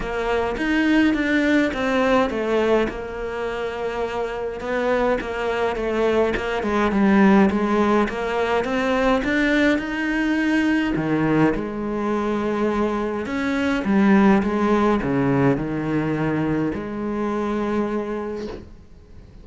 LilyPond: \new Staff \with { instrumentName = "cello" } { \time 4/4 \tempo 4 = 104 ais4 dis'4 d'4 c'4 | a4 ais2. | b4 ais4 a4 ais8 gis8 | g4 gis4 ais4 c'4 |
d'4 dis'2 dis4 | gis2. cis'4 | g4 gis4 cis4 dis4~ | dis4 gis2. | }